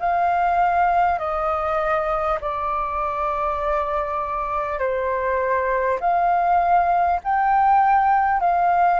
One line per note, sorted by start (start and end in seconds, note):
0.00 1.18 F5
1.18 2.38 D#5
2.41 4.79 D5
4.79 5.99 C5
6.01 7.21 F5
7.24 8.41 G5
8.41 8.99 F5